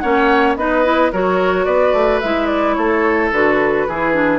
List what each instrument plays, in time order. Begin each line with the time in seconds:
0.00 bassoon A#3, clarinet C#4, oboe C#5, flute F#5
0.56 bassoon B3, clarinet D#4, oboe B4, flute D#5
0.84 clarinet E4
1.12 bassoon F#3, clarinet F#4, oboe A#4, flute C#5
1.64 bassoon B3, oboe B4, flute D5
1.93 bassoon A3
2.21 bassoon G#3, clarinet E4, flute E5
2.46 flute D5
2.74 bassoon A3, oboe A4, flute C#5
3.32 bassoon D3, clarinet F#4, flute B4
3.88 bassoon E3, clarinet E4, oboe G#4
4.13 clarinet D4